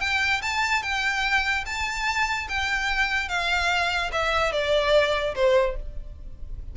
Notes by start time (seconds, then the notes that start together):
0.00 G5
0.42 A5
0.82 G5
1.66 A5
2.48 G5
3.28 F5
4.12 E5
4.52 D5
5.35 C5